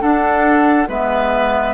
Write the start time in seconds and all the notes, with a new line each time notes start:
0.00 D4 A4 F#5
0.88 G#3 B3 B4 E5